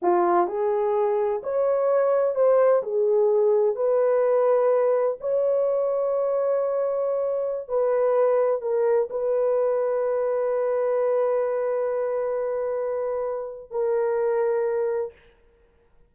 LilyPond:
\new Staff \with { instrumentName = "horn" } { \time 4/4 \tempo 4 = 127 f'4 gis'2 cis''4~ | cis''4 c''4 gis'2 | b'2. cis''4~ | cis''1~ |
cis''16 b'2 ais'4 b'8.~ | b'1~ | b'1~ | b'4 ais'2. | }